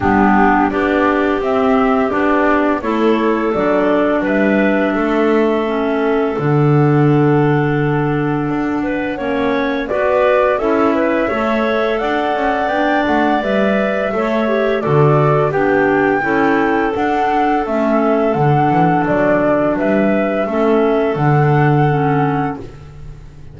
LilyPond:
<<
  \new Staff \with { instrumentName = "flute" } { \time 4/4 \tempo 4 = 85 g'4 d''4 e''4 d''4 | cis''4 d''4 e''2~ | e''4 fis''2.~ | fis''2 d''4 e''4~ |
e''4 fis''4 g''8 fis''8 e''4~ | e''4 d''4 g''2 | fis''4 e''4 fis''4 d''4 | e''2 fis''2 | }
  \new Staff \with { instrumentName = "clarinet" } { \time 4/4 d'4 g'2. | a'2 b'4 a'4~ | a'1~ | a'8 b'8 cis''4 b'4 a'8 b'8 |
cis''4 d''2. | cis''4 a'4 g'4 a'4~ | a'1 | b'4 a'2. | }
  \new Staff \with { instrumentName = "clarinet" } { \time 4/4 b4 d'4 c'4 d'4 | e'4 d'2. | cis'4 d'2.~ | d'4 cis'4 fis'4 e'4 |
a'2 d'4 b'4 | a'8 g'8 fis'4 d'4 e'4 | d'4 cis'4 d'2~ | d'4 cis'4 d'4 cis'4 | }
  \new Staff \with { instrumentName = "double bass" } { \time 4/4 g4 b4 c'4 b4 | a4 fis4 g4 a4~ | a4 d2. | d'4 ais4 b4 cis'4 |
a4 d'8 cis'8 b8 a8 g4 | a4 d4 b4 cis'4 | d'4 a4 d8 e8 fis4 | g4 a4 d2 | }
>>